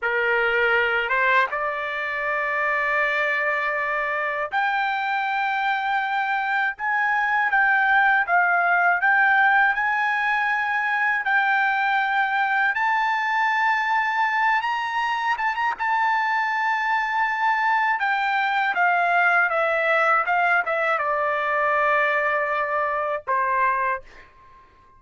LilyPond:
\new Staff \with { instrumentName = "trumpet" } { \time 4/4 \tempo 4 = 80 ais'4. c''8 d''2~ | d''2 g''2~ | g''4 gis''4 g''4 f''4 | g''4 gis''2 g''4~ |
g''4 a''2~ a''8 ais''8~ | ais''8 a''16 ais''16 a''2. | g''4 f''4 e''4 f''8 e''8 | d''2. c''4 | }